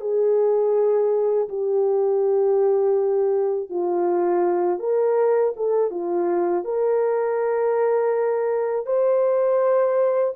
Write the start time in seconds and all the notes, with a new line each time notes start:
0.00 G#4
1.49 G4
3.69 F4
4.79 A#4
5.56 A4
5.90 F4
6.64 A#4
8.86 C5